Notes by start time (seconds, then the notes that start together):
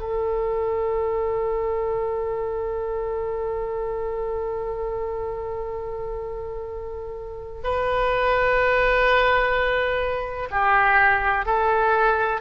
0.00 A4
7.64 B4
10.51 G4
11.46 A4